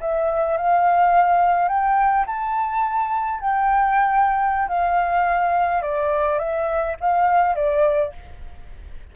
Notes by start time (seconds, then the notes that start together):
0.00 E5
0.57 F5
1.68 G5
2.26 A5
3.40 G5
4.68 F5
5.82 D5
6.38 E5
7.00 F5
7.55 D5